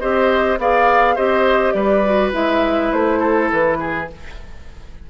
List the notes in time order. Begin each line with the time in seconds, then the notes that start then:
0.00 C4 G4 C5 D#5
0.58 B3 G#4 D5 F5
1.15 C4 G4 C5 D#5
1.72 G3 B4 D5
2.05 F#4
2.32 G#3 E4 E5
2.92 A3 C5
3.19 A4
3.52 E3 B4
3.80 G#4